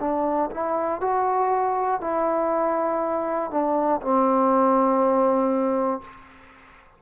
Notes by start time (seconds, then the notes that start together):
0.00 D4
0.50 E4
1.00 F#4
2.00 E4
3.50 D4
4.01 C4